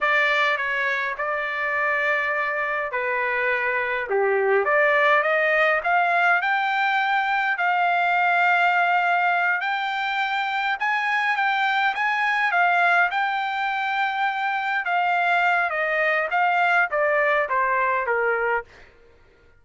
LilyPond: \new Staff \with { instrumentName = "trumpet" } { \time 4/4 \tempo 4 = 103 d''4 cis''4 d''2~ | d''4 b'2 g'4 | d''4 dis''4 f''4 g''4~ | g''4 f''2.~ |
f''8 g''2 gis''4 g''8~ | g''8 gis''4 f''4 g''4.~ | g''4. f''4. dis''4 | f''4 d''4 c''4 ais'4 | }